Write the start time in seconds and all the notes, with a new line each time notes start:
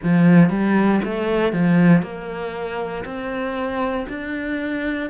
0.03 F3
0.49 G3
1.04 A3
1.53 F3
2.02 A#3
3.04 C4
4.09 D4